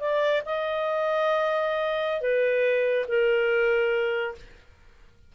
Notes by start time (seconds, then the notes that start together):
0.00 D5
0.46 D#5
2.21 B4
3.08 A#4